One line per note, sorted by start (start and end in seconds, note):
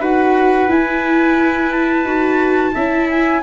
0.00 0.68 D#4
0.00 0.68 F#4
0.00 2.73 B4
0.00 0.71 F#5
0.68 2.05 E4
0.68 2.04 E4
0.68 1.72 G#5
1.72 3.08 A5
2.04 2.72 D#4
2.04 2.74 F#4
2.74 3.43 C#4
2.74 3.43 E4
2.74 3.42 E5
3.10 3.43 G#5